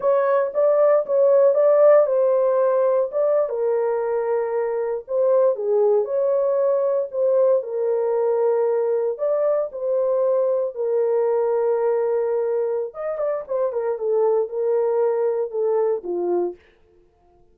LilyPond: \new Staff \with { instrumentName = "horn" } { \time 4/4 \tempo 4 = 116 cis''4 d''4 cis''4 d''4 | c''2 d''8. ais'4~ ais'16~ | ais'4.~ ais'16 c''4 gis'4 cis''16~ | cis''4.~ cis''16 c''4 ais'4~ ais'16~ |
ais'4.~ ais'16 d''4 c''4~ c''16~ | c''8. ais'2.~ ais'16~ | ais'4 dis''8 d''8 c''8 ais'8 a'4 | ais'2 a'4 f'4 | }